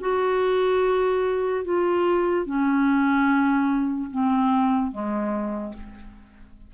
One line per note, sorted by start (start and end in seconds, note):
0.00 1.64 F#4
1.64 2.45 F4
2.45 4.10 C#4
4.10 4.91 C4
4.91 5.73 G#3